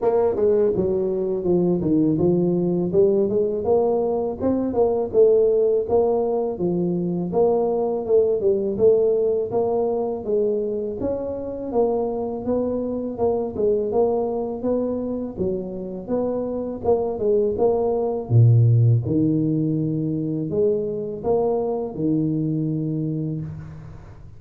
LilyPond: \new Staff \with { instrumentName = "tuba" } { \time 4/4 \tempo 4 = 82 ais8 gis8 fis4 f8 dis8 f4 | g8 gis8 ais4 c'8 ais8 a4 | ais4 f4 ais4 a8 g8 | a4 ais4 gis4 cis'4 |
ais4 b4 ais8 gis8 ais4 | b4 fis4 b4 ais8 gis8 | ais4 ais,4 dis2 | gis4 ais4 dis2 | }